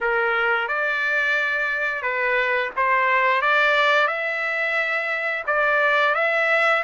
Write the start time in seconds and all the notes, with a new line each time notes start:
0.00 A#4
0.68 D5
2.02 B4
2.76 C5
3.41 D5
4.07 E5
5.46 D5
6.15 E5